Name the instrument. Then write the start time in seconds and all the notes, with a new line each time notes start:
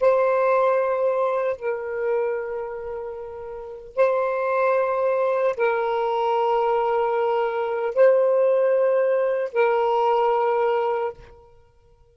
saxophone
0.00 C5
1.56 A#4
3.96 C5
5.56 A#4
7.94 C5
9.53 A#4